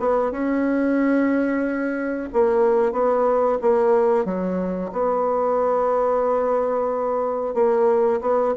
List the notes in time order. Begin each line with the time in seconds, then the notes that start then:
0.00 B3
0.32 C#4
2.33 A#3
2.93 B3
3.62 A#3
4.25 F#3
4.92 B3
7.54 A#3
8.21 B3